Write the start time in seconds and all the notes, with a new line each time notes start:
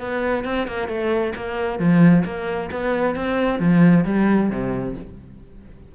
0.00 B3
0.45 C4
0.67 A#3
0.88 A3
1.36 A#3
1.79 F3
2.25 A#3
2.71 B3
3.16 C4
3.60 F3
4.05 G3
4.50 C3